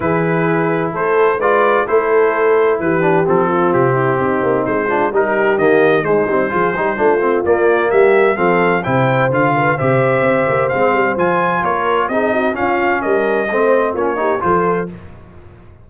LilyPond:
<<
  \new Staff \with { instrumentName = "trumpet" } { \time 4/4 \tempo 4 = 129 b'2 c''4 d''4 | c''2 b'4 a'4 | g'2 c''4 ais'4 | dis''4 c''2. |
d''4 e''4 f''4 g''4 | f''4 e''2 f''4 | gis''4 cis''4 dis''4 f''4 | dis''2 cis''4 c''4 | }
  \new Staff \with { instrumentName = "horn" } { \time 4/4 gis'2 a'4 b'4 | a'2 g'4. f'8~ | f'8 e'8 dis'4. f'8 g'4~ | g'4 dis'4 gis'8 g'8 f'4~ |
f'4 g'4 a'4 c''4~ | c''8 b'8 c''2.~ | c''4 ais'4 gis'8 fis'8 f'4 | ais'4 c''4 f'8 g'8 a'4 | }
  \new Staff \with { instrumentName = "trombone" } { \time 4/4 e'2. f'4 | e'2~ e'8 d'8 c'4~ | c'2~ c'8 d'8 dis'4 | ais4 gis8 c'8 f'8 dis'8 d'8 c'8 |
ais2 c'4 e'4 | f'4 g'2 c'4 | f'2 dis'4 cis'4~ | cis'4 c'4 cis'8 dis'8 f'4 | }
  \new Staff \with { instrumentName = "tuba" } { \time 4/4 e2 a4 gis4 | a2 e4 f4 | c4 c'8 ais8 gis4 g4 | dis4 gis8 g8 f8 g8 a4 |
ais4 g4 f4 c4 | d4 c4 c'8 ais8 gis8 g8 | f4 ais4 c'4 cis'4 | g4 a4 ais4 f4 | }
>>